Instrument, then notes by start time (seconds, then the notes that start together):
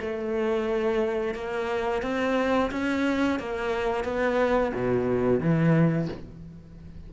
cello
0.00 A3
1.34 A#3
2.02 C4
2.71 C#4
3.39 A#3
4.04 B3
4.74 B2
5.40 E3